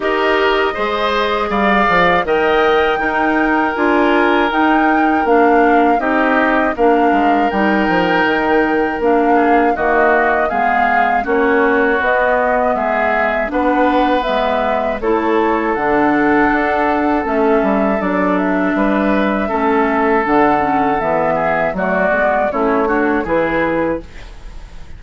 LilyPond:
<<
  \new Staff \with { instrumentName = "flute" } { \time 4/4 \tempo 4 = 80 dis''2 f''4 g''4~ | g''4 gis''4 g''4 f''4 | dis''4 f''4 g''2 | f''4 dis''4 f''4 cis''4 |
dis''4 e''4 fis''4 e''4 | cis''4 fis''2 e''4 | d''8 e''2~ e''8 fis''4 | e''4 d''4 cis''4 b'4 | }
  \new Staff \with { instrumentName = "oboe" } { \time 4/4 ais'4 c''4 d''4 dis''4 | ais'1 | g'4 ais'2.~ | ais'8 gis'8 fis'4 gis'4 fis'4~ |
fis'4 gis'4 b'2 | a'1~ | a'4 b'4 a'2~ | a'8 gis'8 fis'4 e'8 fis'8 gis'4 | }
  \new Staff \with { instrumentName = "clarinet" } { \time 4/4 g'4 gis'2 ais'4 | dis'4 f'4 dis'4 d'4 | dis'4 d'4 dis'2 | d'4 ais4 b4 cis'4 |
b2 d'4 b4 | e'4 d'2 cis'4 | d'2 cis'4 d'8 cis'8 | b4 a8 b8 cis'8 d'8 e'4 | }
  \new Staff \with { instrumentName = "bassoon" } { \time 4/4 dis'4 gis4 g8 f8 dis4 | dis'4 d'4 dis'4 ais4 | c'4 ais8 gis8 g8 f8 dis4 | ais4 dis4 gis4 ais4 |
b4 gis4 b4 gis4 | a4 d4 d'4 a8 g8 | fis4 g4 a4 d4 | e4 fis8 gis8 a4 e4 | }
>>